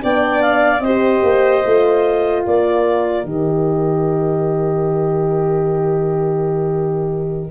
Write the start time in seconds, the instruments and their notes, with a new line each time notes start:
0.00 tuba B3, horn D4, violin D5, clarinet G5
0.42 clarinet F5
0.80 tuba C4, horn G4, violin C5, clarinet D#5
1.23 tuba A#3
1.64 tuba A3, horn F4
2.45 tuba A#3, violin A#4, clarinet D5
3.25 tuba D#3, horn G4, clarinet D#5